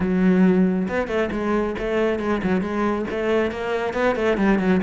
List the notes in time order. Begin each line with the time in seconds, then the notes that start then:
0.00 F#3
0.88 B3
1.07 A3
1.31 G#3
1.78 A3
2.19 G#3
2.43 F#3
2.61 G#3
3.10 A3
3.51 A#3
3.93 B3
4.15 A3
4.37 G3
4.59 F#3